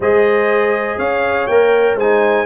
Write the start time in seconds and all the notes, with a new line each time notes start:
0.00 G#3 G#4 C5 D#5
0.97 C#4 C#5 F5
1.46 A#3 A#4 G5
1.95 G#3 D#4 C5 G#5